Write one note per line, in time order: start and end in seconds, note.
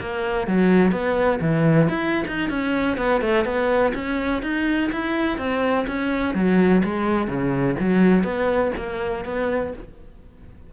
0.00 0.47 A#3
0.47 0.92 F#3
0.92 1.40 B3
1.41 1.89 E3
1.89 2.25 E4
2.28 2.49 D#4
2.49 2.97 C#4
2.97 3.21 B3
3.21 3.45 A3
3.45 3.93 B3
3.94 4.42 C#4
4.42 4.90 D#4
4.92 5.38 E4
5.38 5.86 C4
5.87 6.34 C#4
6.34 6.82 F#3
6.84 7.28 G#3
7.28 7.76 C#3
7.80 8.24 F#3
8.24 8.72 B3
8.77 9.25 A#3
9.25 9.73 B3